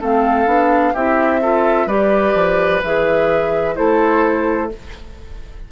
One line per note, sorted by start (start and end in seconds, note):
0.00 0.46 A3
0.00 0.46 C4
0.00 0.93 A4
0.00 0.96 F5
0.46 0.93 B3
0.46 0.93 D4
0.93 1.86 C4
0.93 1.42 E4
0.93 1.40 G4
0.93 1.88 E5
1.42 1.88 F4
1.42 1.87 A4
1.86 2.33 G3
1.86 2.82 G4
1.86 3.75 B4
1.86 2.81 D5
2.34 2.81 F3
2.83 3.77 E3
2.83 3.75 G#4
2.83 3.76 E5
3.75 4.71 A3
3.75 4.69 E4
3.75 4.71 A4
3.75 4.69 C5